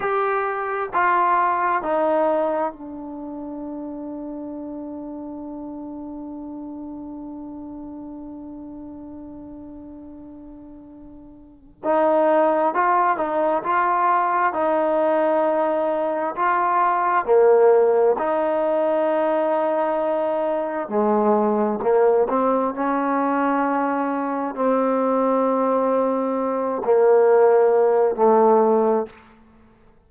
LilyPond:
\new Staff \with { instrumentName = "trombone" } { \time 4/4 \tempo 4 = 66 g'4 f'4 dis'4 d'4~ | d'1~ | d'1~ | d'4 dis'4 f'8 dis'8 f'4 |
dis'2 f'4 ais4 | dis'2. gis4 | ais8 c'8 cis'2 c'4~ | c'4. ais4. a4 | }